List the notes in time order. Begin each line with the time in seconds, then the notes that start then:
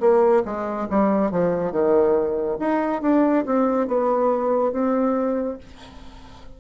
0.00 A#3
0.45 G#3
0.90 G3
1.31 F3
1.72 D#3
2.59 D#4
3.02 D4
3.46 C4
3.88 B3
4.72 C4